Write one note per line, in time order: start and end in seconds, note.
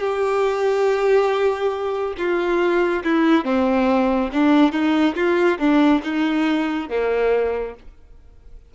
0.00 2.14 G4
2.18 3.04 F4
3.04 3.45 E4
3.45 4.31 C4
4.33 4.73 D4
4.73 5.15 D#4
5.16 5.59 F4
5.59 6.02 D4
6.04 6.89 D#4
6.89 7.75 A#3